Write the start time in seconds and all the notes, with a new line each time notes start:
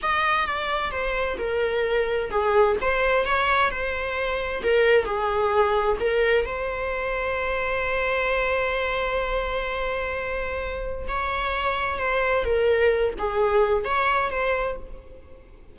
0.02 D#5
0.46 D5
0.91 C5
1.38 A#4
2.30 G#4
2.81 C5
3.25 C#5
3.70 C5
4.63 A#4
5.04 G#4
6.00 A#4
6.45 C5
11.07 C#5
11.98 C5
12.44 A#4
13.18 G#4
13.84 C#5
14.30 C5